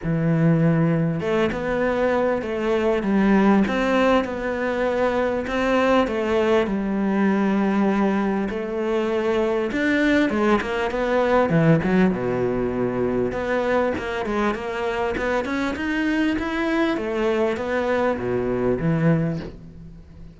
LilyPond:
\new Staff \with { instrumentName = "cello" } { \time 4/4 \tempo 4 = 99 e2 a8 b4. | a4 g4 c'4 b4~ | b4 c'4 a4 g4~ | g2 a2 |
d'4 gis8 ais8 b4 e8 fis8 | b,2 b4 ais8 gis8 | ais4 b8 cis'8 dis'4 e'4 | a4 b4 b,4 e4 | }